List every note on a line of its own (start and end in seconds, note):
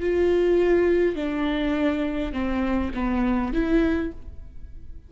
0.00 1.16 F4
1.16 2.33 D4
2.33 2.91 C4
2.94 3.53 B3
3.53 4.12 E4